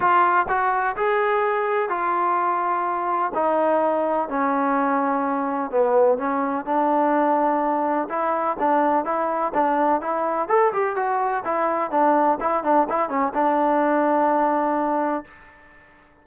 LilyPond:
\new Staff \with { instrumentName = "trombone" } { \time 4/4 \tempo 4 = 126 f'4 fis'4 gis'2 | f'2. dis'4~ | dis'4 cis'2. | b4 cis'4 d'2~ |
d'4 e'4 d'4 e'4 | d'4 e'4 a'8 g'8 fis'4 | e'4 d'4 e'8 d'8 e'8 cis'8 | d'1 | }